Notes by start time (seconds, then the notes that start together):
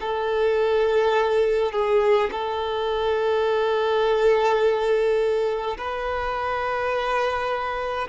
0.00 A4
1.72 G#4
2.31 A4
5.77 B4